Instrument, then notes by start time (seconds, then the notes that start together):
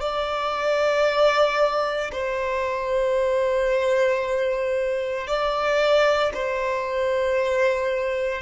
violin
0.00 D5
2.11 C5
5.27 D5
6.33 C5